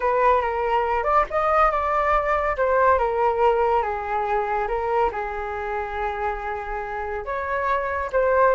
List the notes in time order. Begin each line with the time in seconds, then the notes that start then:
0.00 B4
0.41 A#4
1.03 D5
1.30 D#5
1.71 D5
2.56 C5
2.98 A#4
3.82 G#4
4.68 A#4
5.12 G#4
7.25 C#5
8.12 C5